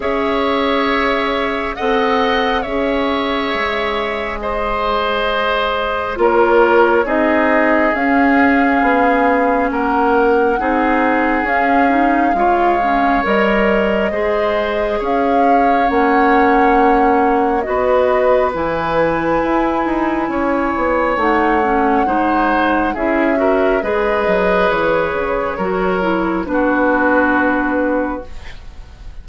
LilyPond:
<<
  \new Staff \with { instrumentName = "flute" } { \time 4/4 \tempo 4 = 68 e''2 fis''4 e''4~ | e''4 dis''2 cis''4 | dis''4 f''2 fis''4~ | fis''4 f''2 dis''4~ |
dis''4 f''4 fis''2 | dis''4 gis''2. | fis''2 e''4 dis''4 | cis''2 b'2 | }
  \new Staff \with { instrumentName = "oboe" } { \time 4/4 cis''2 dis''4 cis''4~ | cis''4 c''2 ais'4 | gis'2. ais'4 | gis'2 cis''2 |
c''4 cis''2. | b'2. cis''4~ | cis''4 c''4 gis'8 ais'8 b'4~ | b'4 ais'4 fis'2 | }
  \new Staff \with { instrumentName = "clarinet" } { \time 4/4 gis'2 a'4 gis'4~ | gis'2. f'4 | dis'4 cis'2. | dis'4 cis'8 dis'8 f'8 cis'8 ais'4 |
gis'2 cis'2 | fis'4 e'2. | dis'8 cis'8 dis'4 e'8 fis'8 gis'4~ | gis'4 fis'8 e'8 d'2 | }
  \new Staff \with { instrumentName = "bassoon" } { \time 4/4 cis'2 c'4 cis'4 | gis2. ais4 | c'4 cis'4 b4 ais4 | c'4 cis'4 gis4 g4 |
gis4 cis'4 ais2 | b4 e4 e'8 dis'8 cis'8 b8 | a4 gis4 cis'4 gis8 fis8 | e8 cis8 fis4 b2 | }
>>